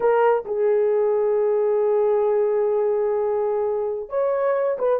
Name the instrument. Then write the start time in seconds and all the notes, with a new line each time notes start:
horn
0.00 A#4
0.45 G#4
4.09 C#5
4.78 B4